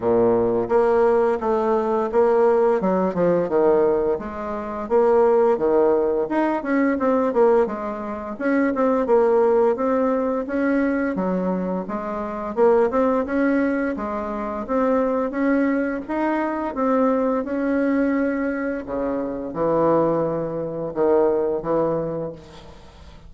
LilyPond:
\new Staff \with { instrumentName = "bassoon" } { \time 4/4 \tempo 4 = 86 ais,4 ais4 a4 ais4 | fis8 f8 dis4 gis4 ais4 | dis4 dis'8 cis'8 c'8 ais8 gis4 | cis'8 c'8 ais4 c'4 cis'4 |
fis4 gis4 ais8 c'8 cis'4 | gis4 c'4 cis'4 dis'4 | c'4 cis'2 cis4 | e2 dis4 e4 | }